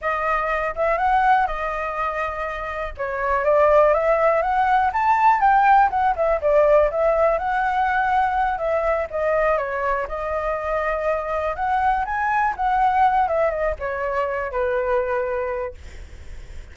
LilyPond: \new Staff \with { instrumentName = "flute" } { \time 4/4 \tempo 4 = 122 dis''4. e''8 fis''4 dis''4~ | dis''2 cis''4 d''4 | e''4 fis''4 a''4 g''4 | fis''8 e''8 d''4 e''4 fis''4~ |
fis''4. e''4 dis''4 cis''8~ | cis''8 dis''2. fis''8~ | fis''8 gis''4 fis''4. e''8 dis''8 | cis''4. b'2~ b'8 | }